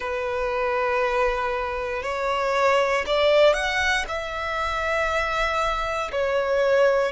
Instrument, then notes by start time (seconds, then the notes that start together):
violin
0.00 B4
2.02 C#5
3.06 D5
3.53 F#5
4.07 E5
6.11 C#5